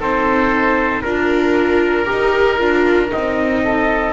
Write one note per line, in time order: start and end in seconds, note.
0.00 1.03 C4
0.00 1.04 D#4
0.00 1.03 A4
0.00 1.02 C5
1.02 2.08 D4
1.02 2.06 F4
1.02 3.09 A#4
1.02 3.63 A#4
2.06 2.61 D#4
2.06 2.58 G4
2.59 3.12 D4
2.59 3.09 F4
3.09 4.13 C4
3.09 4.13 D#4
3.09 4.13 D#5
3.64 4.13 A4